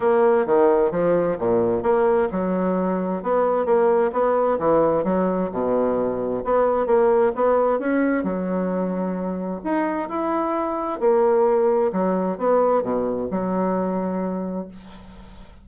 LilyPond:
\new Staff \with { instrumentName = "bassoon" } { \time 4/4 \tempo 4 = 131 ais4 dis4 f4 ais,4 | ais4 fis2 b4 | ais4 b4 e4 fis4 | b,2 b4 ais4 |
b4 cis'4 fis2~ | fis4 dis'4 e'2 | ais2 fis4 b4 | b,4 fis2. | }